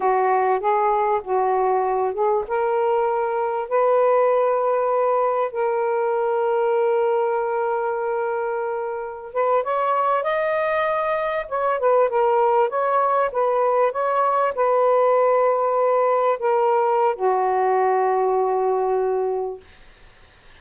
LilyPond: \new Staff \with { instrumentName = "saxophone" } { \time 4/4 \tempo 4 = 98 fis'4 gis'4 fis'4. gis'8 | ais'2 b'2~ | b'4 ais'2.~ | ais'2.~ ais'16 b'8 cis''16~ |
cis''8. dis''2 cis''8 b'8 ais'16~ | ais'8. cis''4 b'4 cis''4 b'16~ | b'2~ b'8. ais'4~ ais'16 | fis'1 | }